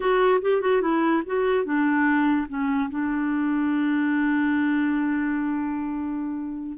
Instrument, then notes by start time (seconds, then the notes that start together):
clarinet
0.00 F#4
0.41 G4
0.61 F#4
0.81 E4
1.26 F#4
1.64 D4
2.48 C#4
2.90 D4